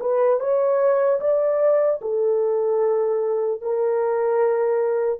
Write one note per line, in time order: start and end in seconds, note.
0.00 0.40 B4
0.40 1.20 C#5
1.20 2.00 D5
2.01 3.61 A4
3.61 5.20 A#4